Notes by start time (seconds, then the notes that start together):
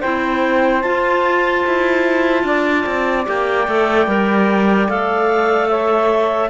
0.00 C4 E4 C5 G5
0.81 F4 A5
1.67 E4
2.44 D4 D5
2.86 C4
3.25 A#3 G4 G5
3.66 A3 A4
4.07 G3 A#4
4.89 A3 A4 F5
5.68 C#5 E5